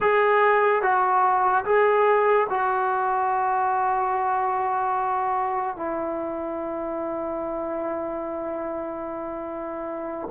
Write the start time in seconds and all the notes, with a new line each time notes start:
0.00 G#4
0.82 F#4
1.64 G#4
2.49 F#4
5.76 E4